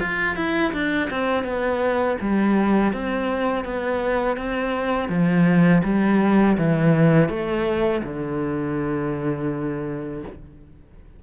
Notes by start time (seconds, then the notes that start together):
0.00 F4
0.36 E4
0.73 D4
1.10 C4
1.44 B3
2.21 G3
2.93 C4
3.65 B3
4.37 C4
5.09 F3
5.84 G3
6.58 E3
7.29 A3
8.04 D3